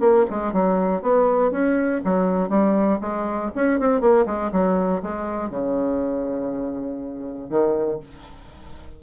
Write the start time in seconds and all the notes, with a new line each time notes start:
0.00 A#3
0.30 G#3
0.53 F#3
1.02 B3
1.51 C#4
2.05 F#3
2.49 G3
3.01 G#3
3.55 C#4
3.80 C4
4.01 A#3
4.26 G#3
4.52 F#3
5.02 G#3
5.50 C#3
7.50 D#3